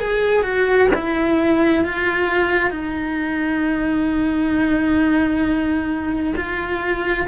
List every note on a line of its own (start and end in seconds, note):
0.00 0.43 G#4
0.43 0.88 F#4
0.94 1.84 E4
1.84 2.70 F4
2.70 6.34 D#4
6.36 7.27 F4